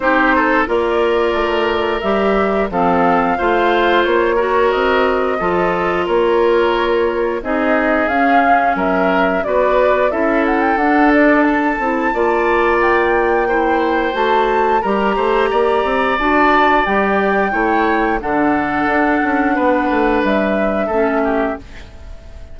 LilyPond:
<<
  \new Staff \with { instrumentName = "flute" } { \time 4/4 \tempo 4 = 89 c''4 d''2 e''4 | f''2 cis''4 dis''4~ | dis''4 cis''2 dis''4 | f''4 e''4 d''4 e''8 fis''16 g''16 |
fis''8 d''8 a''2 g''4~ | g''4 a''4 ais''2 | a''4 g''2 fis''4~ | fis''2 e''2 | }
  \new Staff \with { instrumentName = "oboe" } { \time 4/4 g'8 a'8 ais'2. | a'4 c''4. ais'4. | a'4 ais'2 gis'4~ | gis'4 ais'4 b'4 a'4~ |
a'2 d''2 | c''2 ais'8 c''8 d''4~ | d''2 cis''4 a'4~ | a'4 b'2 a'8 g'8 | }
  \new Staff \with { instrumentName = "clarinet" } { \time 4/4 dis'4 f'2 g'4 | c'4 f'4. fis'4. | f'2. dis'4 | cis'2 fis'4 e'4 |
d'4. e'8 f'2 | e'4 fis'4 g'2 | fis'4 g'4 e'4 d'4~ | d'2. cis'4 | }
  \new Staff \with { instrumentName = "bassoon" } { \time 4/4 c'4 ais4 a4 g4 | f4 a4 ais4 c'4 | f4 ais2 c'4 | cis'4 fis4 b4 cis'4 |
d'4. c'8 ais2~ | ais4 a4 g8 a8 ais8 c'8 | d'4 g4 a4 d4 | d'8 cis'8 b8 a8 g4 a4 | }
>>